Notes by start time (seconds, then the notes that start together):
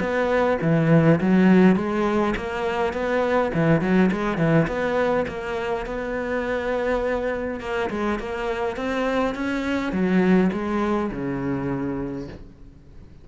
0.00 B3
0.62 E3
1.21 F#3
1.76 G#3
2.36 A#3
2.93 B3
3.54 E3
3.81 F#3
4.12 G#3
4.38 E3
4.67 B3
5.28 A#3
5.86 B3
7.60 A#3
7.90 G#3
8.19 A#3
8.76 C4
9.35 C#4
9.92 F#3
10.53 G#3
11.11 C#3